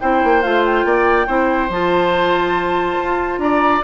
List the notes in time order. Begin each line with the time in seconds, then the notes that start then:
0.00 C4 E4 C5 G5
0.23 A#3
0.41 A3 F4 F5
0.65 G5
0.84 A#3 D5
1.26 C4 E4 C5
1.69 F3 F4 A5
2.99 F4
3.38 D4 D5 A#5